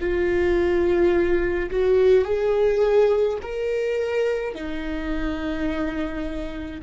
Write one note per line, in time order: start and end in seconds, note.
0.00 1.70 F4
1.70 2.24 F#4
2.24 3.38 G#4
3.42 4.54 A#4
4.54 6.81 D#4